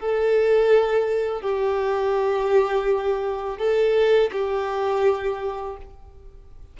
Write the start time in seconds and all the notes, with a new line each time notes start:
0.00 A4
1.42 G4
3.58 A4
4.32 G4